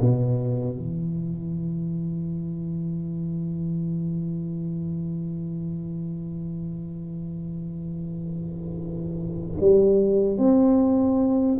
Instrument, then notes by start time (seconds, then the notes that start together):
tuba
0.00 B2
0.76 E3
9.60 G3
10.38 C4